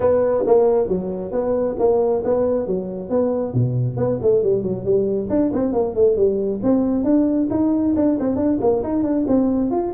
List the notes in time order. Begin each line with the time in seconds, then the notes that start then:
0.00 B3
0.46 A#3
0.88 F#3
1.31 B3
1.78 A#3
2.24 B3
2.66 F#3
3.09 B3
3.53 B2
3.97 B3
4.22 A3
4.42 G3
4.62 F#3
4.84 G3
5.29 D4
5.53 C4
5.72 A#3
5.95 A3
6.16 G3
6.63 C4
7.04 D4
7.50 D#4
7.96 D4
8.19 C4
8.35 D4
8.60 A#3
8.83 D#4
9.03 D4
9.27 C4
9.71 F4